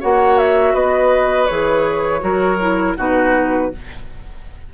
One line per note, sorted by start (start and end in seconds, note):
0.00 0.74 A#3
0.00 1.48 F#4
0.00 0.73 C#5
0.00 0.38 F#5
0.38 0.75 E5
0.73 1.48 B3
0.73 2.21 B4
0.73 1.46 D#5
1.46 2.22 E3
1.46 2.19 G#4
1.46 2.95 C#5
2.19 2.96 F#3
2.19 2.56 F#4
2.19 2.97 A#4
2.60 2.97 E4
2.97 3.71 B2
2.97 3.71 D#4
2.97 3.71 F#4
2.97 3.73 B4